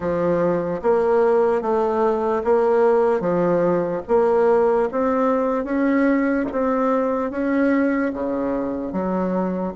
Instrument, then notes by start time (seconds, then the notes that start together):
bassoon
0.00 F3
0.81 A#3
1.61 A3
2.43 A#3
3.20 F3
4.08 A#3
4.91 C4
5.64 C#4
6.52 C4
7.30 C#4
8.13 C#3
8.92 F#3